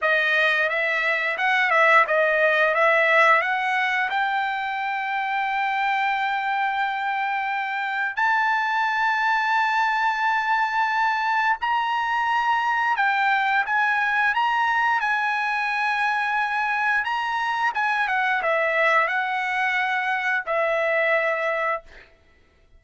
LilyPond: \new Staff \with { instrumentName = "trumpet" } { \time 4/4 \tempo 4 = 88 dis''4 e''4 fis''8 e''8 dis''4 | e''4 fis''4 g''2~ | g''1 | a''1~ |
a''4 ais''2 g''4 | gis''4 ais''4 gis''2~ | gis''4 ais''4 gis''8 fis''8 e''4 | fis''2 e''2 | }